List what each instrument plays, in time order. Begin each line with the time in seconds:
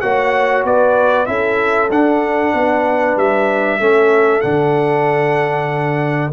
0.00 tuba A#3, trombone F#4, horn C#5, trumpet F#5
0.64 tuba B3, horn B4, trumpet D5
1.26 tuba C#4, trombone E4, horn A4, trumpet E5
1.90 tuba D4, trombone D4, trumpet F#5
2.54 tuba B3, horn B4
3.16 tuba G3, trumpet E5
3.79 tuba A3, trombone C#4, horn A4
4.41 tuba D3, trombone D4, trumpet F#5